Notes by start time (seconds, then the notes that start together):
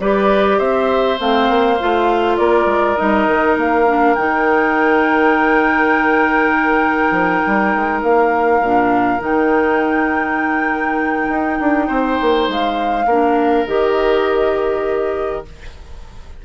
0.00 G3 G4 B4 D5
0.58 C4 C5 E5
1.18 A3 C4 F5
1.50 A#3
1.80 A3 F4
2.37 A#3 A#4 D5
2.66 G#3
2.97 G3 D#4 D#5
3.27 D#3
3.57 A#3 F5
3.87 D4
4.15 D#3 D#4 G5
7.11 F3
7.47 G3
7.76 G#3
8.03 A#3 F5
8.61 A#2 D4
9.19 D#3 D#4 G5
11.29 D#4
11.60 D4
11.88 C4 C5
12.21 A#3
12.48 G#3 F5
13.06 A#3 D4 A#4
13.67 D#3 G4 D#5